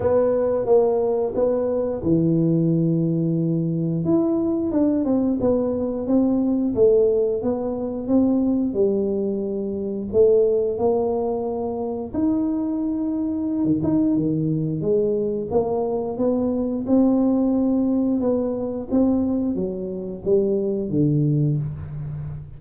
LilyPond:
\new Staff \with { instrumentName = "tuba" } { \time 4/4 \tempo 4 = 89 b4 ais4 b4 e4~ | e2 e'4 d'8 c'8 | b4 c'4 a4 b4 | c'4 g2 a4 |
ais2 dis'2~ | dis'16 dis16 dis'8 dis4 gis4 ais4 | b4 c'2 b4 | c'4 fis4 g4 d4 | }